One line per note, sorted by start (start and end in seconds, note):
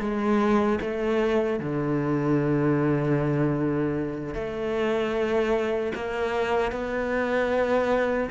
0.00 0.79 G#3
0.81 1.59 A3
1.59 4.34 D3
4.34 5.92 A3
5.95 6.71 A#3
6.71 8.29 B3